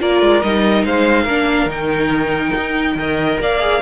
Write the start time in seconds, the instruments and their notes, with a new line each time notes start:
0.00 cello A#3, viola F4, violin A#4 D5
0.21 cello G#3
0.42 cello G3, viola D#4, violin D#5
0.84 cello G#3, violin C5 F5
1.24 cello A#3, viola D4, violin A#4
1.66 cello D#3, viola D#4, violin G5
2.56 cello D#4
2.95 cello D#3, viola A#4, violin D#5
3.40 cello A#3, violin D5 F5
3.60 viola G#4